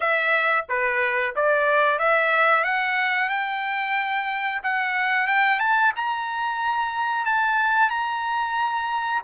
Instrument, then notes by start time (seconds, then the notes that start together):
trumpet
0.00 E5
0.69 B4
1.35 D5
1.98 E5
2.64 F#5
3.29 G5
4.63 F#5
5.27 G5
5.59 A5
5.96 A#5
7.25 A5
7.89 A#5